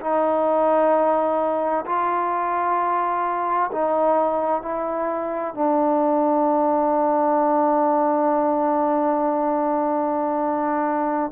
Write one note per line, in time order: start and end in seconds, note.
0.00 1.85 D#4
1.86 3.70 F4
3.72 4.62 D#4
4.62 5.54 E4
5.54 11.31 D4